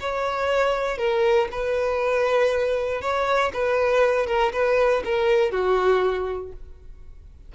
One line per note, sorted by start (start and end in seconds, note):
0.00 0.98 C#5
0.98 1.48 A#4
1.51 3.01 B4
3.01 3.52 C#5
3.53 4.27 B4
4.27 4.52 A#4
4.53 5.03 B4
5.04 5.51 A#4
5.51 6.52 F#4